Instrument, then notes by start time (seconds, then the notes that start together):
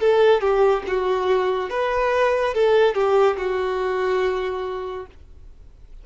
violin
0.00 A4
0.41 G4
0.87 F#4
1.70 B4
2.54 A4
2.94 G4
3.37 F#4